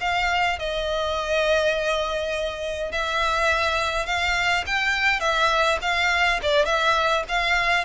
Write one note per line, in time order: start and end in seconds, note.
0.00 0.58 F5
0.59 2.91 D#5
2.91 4.06 E5
4.06 4.64 F5
4.66 5.20 G5
5.20 5.78 E5
5.81 6.40 F5
6.42 6.65 D5
6.65 7.23 E5
7.28 7.84 F5